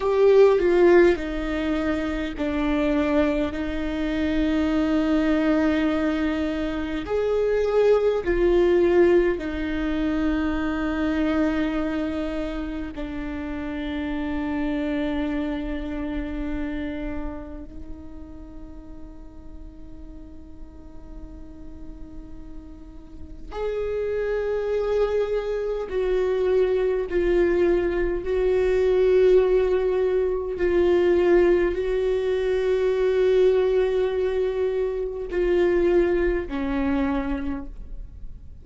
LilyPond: \new Staff \with { instrumentName = "viola" } { \time 4/4 \tempo 4 = 51 g'8 f'8 dis'4 d'4 dis'4~ | dis'2 gis'4 f'4 | dis'2. d'4~ | d'2. dis'4~ |
dis'1 | gis'2 fis'4 f'4 | fis'2 f'4 fis'4~ | fis'2 f'4 cis'4 | }